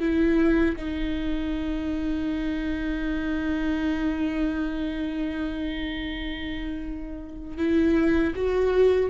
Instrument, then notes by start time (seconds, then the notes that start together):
viola
0.00 E4
0.76 D#4
7.57 E4
8.36 F#4